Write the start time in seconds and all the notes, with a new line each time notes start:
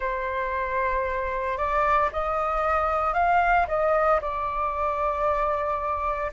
0.00 C5
1.57 D5
2.12 D#5
3.13 F5
3.67 D#5
4.21 D5